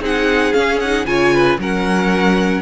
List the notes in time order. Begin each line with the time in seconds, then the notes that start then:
0.00 C4 D#4 G#4 F#5
0.53 C#4 F5
0.80 D#4 F#5
1.05 C#3 F4 C#5 G#5
1.33 B4
1.58 F#3 C#4 A#4 F#5